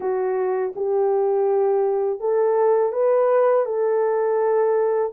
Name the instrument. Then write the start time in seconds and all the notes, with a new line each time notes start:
horn
0.00 F#4
0.75 G4
2.20 A4
2.92 B4
3.65 A4